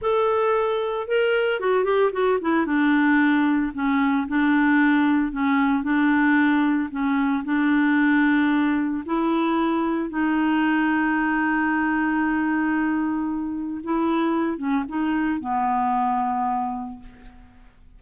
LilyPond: \new Staff \with { instrumentName = "clarinet" } { \time 4/4 \tempo 4 = 113 a'2 ais'4 fis'8 g'8 | fis'8 e'8 d'2 cis'4 | d'2 cis'4 d'4~ | d'4 cis'4 d'2~ |
d'4 e'2 dis'4~ | dis'1~ | dis'2 e'4. cis'8 | dis'4 b2. | }